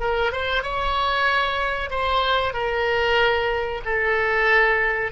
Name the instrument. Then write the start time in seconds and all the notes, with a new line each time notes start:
oboe
0.00 A#4
0.32 C5
0.63 C#5
1.90 C5
2.53 A#4
3.85 A4